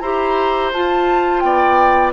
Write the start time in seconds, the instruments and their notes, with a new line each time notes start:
0.00 bassoon E4, clarinet G4, oboe C5, flute A#5
0.73 clarinet F4, bassoon F4, flute A5
1.40 bassoon B3, oboe D5, flute G5